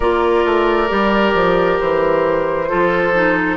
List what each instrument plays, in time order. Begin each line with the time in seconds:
0.00 bassoon A#3, clarinet F4, oboe A#4, flute D5
0.45 bassoon A3
0.87 bassoon G3, clarinet G4
1.34 bassoon F3
1.79 bassoon E3, flute C5
2.68 bassoon F3, clarinet F4, oboe A4
3.14 clarinet D#4